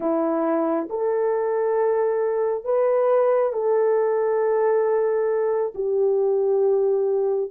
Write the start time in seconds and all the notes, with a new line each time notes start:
0.00 E4
0.89 A4
2.64 B4
3.52 A4
5.74 G4